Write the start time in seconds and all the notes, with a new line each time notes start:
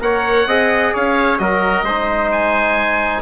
0.00 A#3 A#4 C#5 F#5
0.46 C4 G#4 D#5
0.93 C#4 C#5 F5
1.38 F#3 F#4 A#4 D#5
1.82 G#3 D#4 C5
2.32 G#5